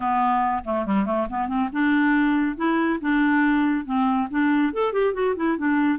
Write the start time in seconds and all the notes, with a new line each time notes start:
0.00 B3
0.64 A3
0.85 G3
1.05 A3
1.29 B3
1.47 C4
1.72 D4
2.56 E4
3.00 D4
3.85 C4
4.30 D4
4.73 A4
4.92 G4
5.13 F#4
5.36 E4
5.57 D4